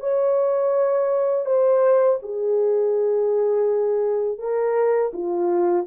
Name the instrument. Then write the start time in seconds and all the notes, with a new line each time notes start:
horn
0.00 C#5
1.45 C5
2.22 G#4
4.38 A#4
5.13 F4